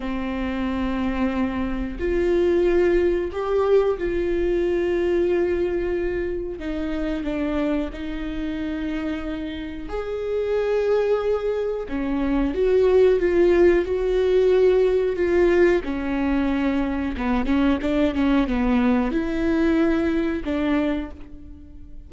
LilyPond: \new Staff \with { instrumentName = "viola" } { \time 4/4 \tempo 4 = 91 c'2. f'4~ | f'4 g'4 f'2~ | f'2 dis'4 d'4 | dis'2. gis'4~ |
gis'2 cis'4 fis'4 | f'4 fis'2 f'4 | cis'2 b8 cis'8 d'8 cis'8 | b4 e'2 d'4 | }